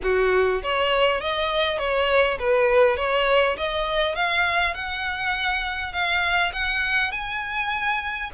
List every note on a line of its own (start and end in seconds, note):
0.03 0.62 F#4
0.62 1.20 C#5
1.20 1.78 D#5
1.78 2.38 C#5
2.39 2.96 B4
2.96 3.56 C#5
3.57 4.15 D#5
4.15 4.74 F5
4.74 5.92 F#5
5.92 6.52 F5
6.52 7.11 F#5
7.11 8.30 G#5